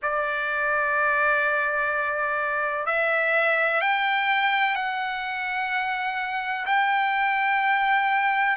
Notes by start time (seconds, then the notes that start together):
0.02 D5
2.86 E5
3.81 G5
4.74 F#5
6.66 G5